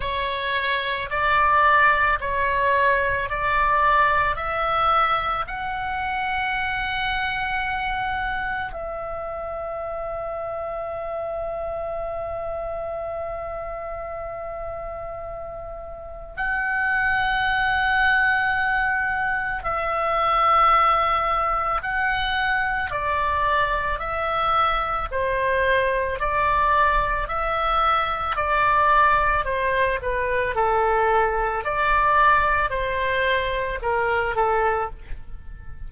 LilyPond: \new Staff \with { instrumentName = "oboe" } { \time 4/4 \tempo 4 = 55 cis''4 d''4 cis''4 d''4 | e''4 fis''2. | e''1~ | e''2. fis''4~ |
fis''2 e''2 | fis''4 d''4 e''4 c''4 | d''4 e''4 d''4 c''8 b'8 | a'4 d''4 c''4 ais'8 a'8 | }